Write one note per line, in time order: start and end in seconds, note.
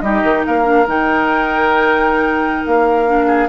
0.00 0.22 G3
0.00 0.63 D#4
0.00 0.46 G4
0.00 0.42 D#5
0.23 0.44 D#3
0.45 0.87 A#3
0.45 3.27 A#4
0.45 0.87 F5
0.63 0.84 D4
0.87 2.65 D#3
0.87 3.06 D#4
0.87 2.66 G5
2.66 3.48 A#3
2.66 3.48 F5
3.06 3.48 D4
3.27 3.48 G#4